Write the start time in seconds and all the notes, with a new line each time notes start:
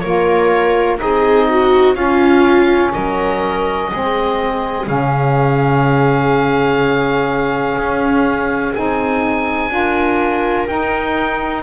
0.00 A#3 F4 A#4 C#5
0.97 C4 D#4 G#4 D#5
1.50 F#4
1.95 C#4 F4 F5
2.93 F#3 A#4 D#5
3.91 G#3 C4 G#4
4.87 C#3 C#4 F5
7.78 C#4
8.74 C4 D#4 G#5
9.70 D4 F4 A#4
10.68 D#4 G5